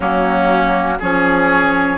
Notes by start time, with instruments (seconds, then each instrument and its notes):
0.00 bassoon F#3, clarinet A#3, oboe C#4, flute F#4
0.99 bassoon F3, clarinet C#4, oboe G#4, flute C#5